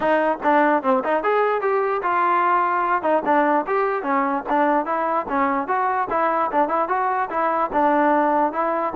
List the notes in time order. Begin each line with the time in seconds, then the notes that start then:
0.00 D#4
0.43 D4
0.82 C4
1.04 D#4
1.23 G#4
1.61 G4
2.02 F4
3.02 D#4
3.25 D4
3.66 G4
4.02 C#4
4.49 D4
4.85 E4
5.28 C#4
5.67 F#4
6.10 E4
6.51 D4
6.68 E4
6.88 F#4
7.30 E4
7.72 D4
8.52 E4